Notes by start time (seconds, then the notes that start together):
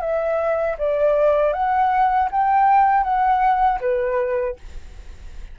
0.00 E5
0.78 D5
1.53 F#5
2.32 G5
3.03 F#5
3.80 B4